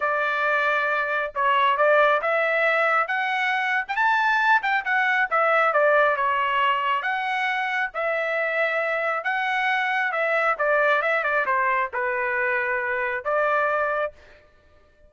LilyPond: \new Staff \with { instrumentName = "trumpet" } { \time 4/4 \tempo 4 = 136 d''2. cis''4 | d''4 e''2 fis''4~ | fis''8. g''16 a''4. g''8 fis''4 | e''4 d''4 cis''2 |
fis''2 e''2~ | e''4 fis''2 e''4 | d''4 e''8 d''8 c''4 b'4~ | b'2 d''2 | }